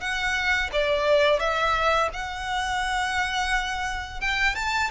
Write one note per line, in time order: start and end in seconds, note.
0.00 0.70 F#5
0.72 1.39 D5
1.39 2.09 E5
2.13 4.21 F#5
4.21 4.55 G5
4.55 4.90 A5